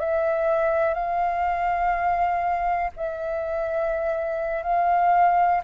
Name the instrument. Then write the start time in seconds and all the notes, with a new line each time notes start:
flute
0.00 E5
0.94 F5
2.96 E5
4.63 F5